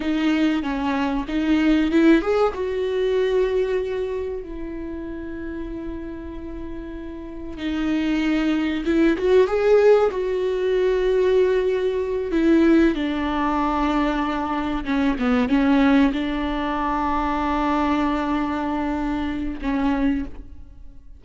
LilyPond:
\new Staff \with { instrumentName = "viola" } { \time 4/4 \tempo 4 = 95 dis'4 cis'4 dis'4 e'8 gis'8 | fis'2. e'4~ | e'1 | dis'2 e'8 fis'8 gis'4 |
fis'2.~ fis'8 e'8~ | e'8 d'2. cis'8 | b8 cis'4 d'2~ d'8~ | d'2. cis'4 | }